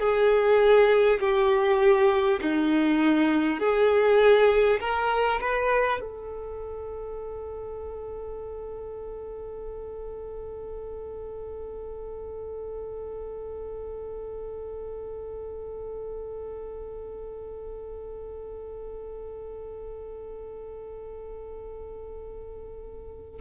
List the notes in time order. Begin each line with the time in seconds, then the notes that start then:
0.00 G#4
1.21 G4
2.42 D#4
3.59 G#4
4.80 A#4
5.41 B4
6.01 A4